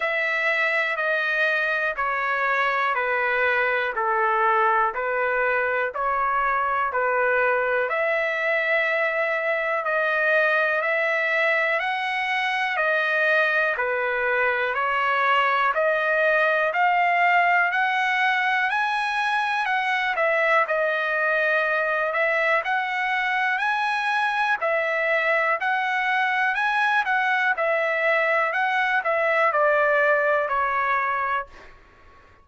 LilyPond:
\new Staff \with { instrumentName = "trumpet" } { \time 4/4 \tempo 4 = 61 e''4 dis''4 cis''4 b'4 | a'4 b'4 cis''4 b'4 | e''2 dis''4 e''4 | fis''4 dis''4 b'4 cis''4 |
dis''4 f''4 fis''4 gis''4 | fis''8 e''8 dis''4. e''8 fis''4 | gis''4 e''4 fis''4 gis''8 fis''8 | e''4 fis''8 e''8 d''4 cis''4 | }